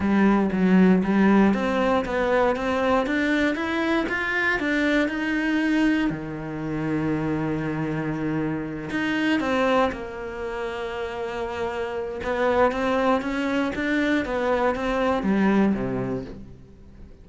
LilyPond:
\new Staff \with { instrumentName = "cello" } { \time 4/4 \tempo 4 = 118 g4 fis4 g4 c'4 | b4 c'4 d'4 e'4 | f'4 d'4 dis'2 | dis1~ |
dis4. dis'4 c'4 ais8~ | ais1 | b4 c'4 cis'4 d'4 | b4 c'4 g4 c4 | }